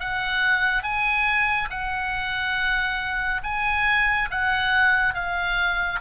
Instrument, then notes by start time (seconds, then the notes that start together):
oboe
0.00 F#5
0.83 G#5
1.70 F#5
3.44 G#5
4.31 F#5
5.14 F5